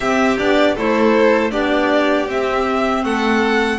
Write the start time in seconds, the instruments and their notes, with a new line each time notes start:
0.00 double bass C4, clarinet C4, violin G4 E5
0.38 double bass B3, clarinet D4, violin D5
0.74 double bass A3, clarinet E4, violin A4 C5
1.50 double bass B3, clarinet D4, violin G4 D5
2.28 double bass C4, clarinet C4, violin E5
3.04 double bass A3, violin A4 F#5